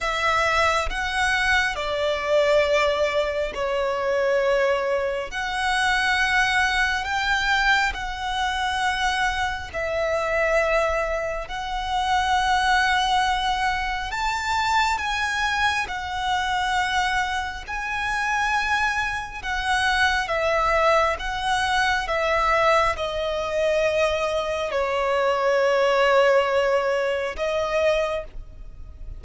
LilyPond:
\new Staff \with { instrumentName = "violin" } { \time 4/4 \tempo 4 = 68 e''4 fis''4 d''2 | cis''2 fis''2 | g''4 fis''2 e''4~ | e''4 fis''2. |
a''4 gis''4 fis''2 | gis''2 fis''4 e''4 | fis''4 e''4 dis''2 | cis''2. dis''4 | }